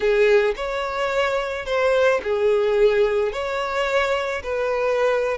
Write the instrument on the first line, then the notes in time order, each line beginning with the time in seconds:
violin
0.00 G#4
0.56 C#5
1.65 C5
2.23 G#4
3.32 C#5
4.43 B4